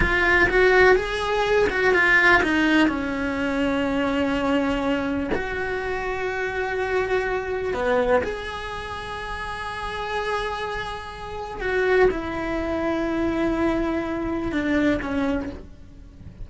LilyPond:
\new Staff \with { instrumentName = "cello" } { \time 4/4 \tempo 4 = 124 f'4 fis'4 gis'4. fis'8 | f'4 dis'4 cis'2~ | cis'2. fis'4~ | fis'1 |
b4 gis'2.~ | gis'1 | fis'4 e'2.~ | e'2 d'4 cis'4 | }